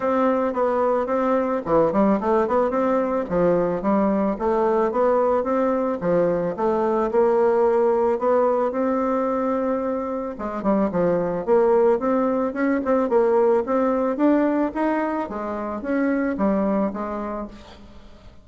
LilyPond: \new Staff \with { instrumentName = "bassoon" } { \time 4/4 \tempo 4 = 110 c'4 b4 c'4 e8 g8 | a8 b8 c'4 f4 g4 | a4 b4 c'4 f4 | a4 ais2 b4 |
c'2. gis8 g8 | f4 ais4 c'4 cis'8 c'8 | ais4 c'4 d'4 dis'4 | gis4 cis'4 g4 gis4 | }